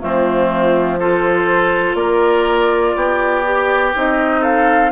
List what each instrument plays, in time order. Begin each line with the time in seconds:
0.00 bassoon F3, clarinet A3, oboe C4, flute F4
0.99 clarinet F4, oboe A4, flute C5
1.94 bassoon A#3, oboe A#4, flute D5
2.96 bassoon B3, oboe G4
3.44 clarinet G4
3.94 bassoon C4, clarinet D#4, flute D#5
4.41 oboe A4, flute F5